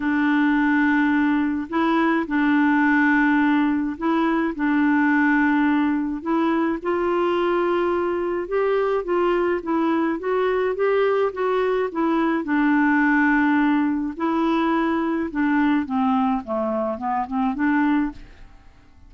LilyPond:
\new Staff \with { instrumentName = "clarinet" } { \time 4/4 \tempo 4 = 106 d'2. e'4 | d'2. e'4 | d'2. e'4 | f'2. g'4 |
f'4 e'4 fis'4 g'4 | fis'4 e'4 d'2~ | d'4 e'2 d'4 | c'4 a4 b8 c'8 d'4 | }